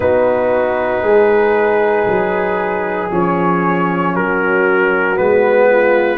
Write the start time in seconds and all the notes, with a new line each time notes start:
0.00 B3 D#4 F#4 B4
1.02 G#3 G#4
2.06 F#3
3.11 F3 C#4 C#5
4.14 F#3 F#4 A#4
5.16 G#3 B3 B4
5.70 F4